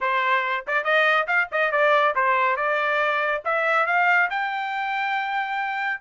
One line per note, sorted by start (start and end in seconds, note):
0.00 0.65 C5
0.67 0.84 D5
0.84 1.26 D#5
1.27 1.48 F5
1.51 1.71 D#5
1.71 2.14 D5
2.15 2.56 C5
2.56 3.41 D5
3.44 3.86 E5
3.86 4.29 F5
4.30 6.00 G5